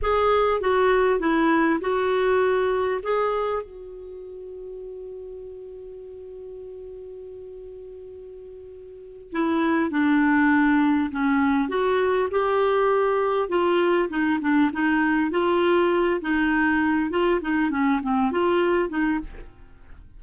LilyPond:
\new Staff \with { instrumentName = "clarinet" } { \time 4/4 \tempo 4 = 100 gis'4 fis'4 e'4 fis'4~ | fis'4 gis'4 fis'2~ | fis'1~ | fis'2.~ fis'8 e'8~ |
e'8 d'2 cis'4 fis'8~ | fis'8 g'2 f'4 dis'8 | d'8 dis'4 f'4. dis'4~ | dis'8 f'8 dis'8 cis'8 c'8 f'4 dis'8 | }